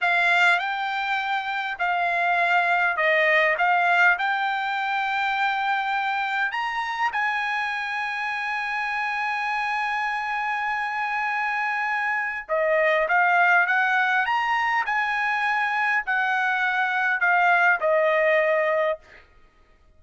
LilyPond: \new Staff \with { instrumentName = "trumpet" } { \time 4/4 \tempo 4 = 101 f''4 g''2 f''4~ | f''4 dis''4 f''4 g''4~ | g''2. ais''4 | gis''1~ |
gis''1~ | gis''4 dis''4 f''4 fis''4 | ais''4 gis''2 fis''4~ | fis''4 f''4 dis''2 | }